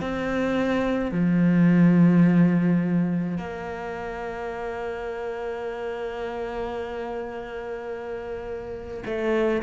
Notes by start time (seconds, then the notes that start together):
0.00 C4
1.11 F3
3.37 A#3
9.06 A3